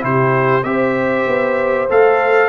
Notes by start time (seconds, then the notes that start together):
0.00 C3 E4 G4 C5
0.63 C4 G4 C5 E5
1.27 B3
1.89 A3 A4 F5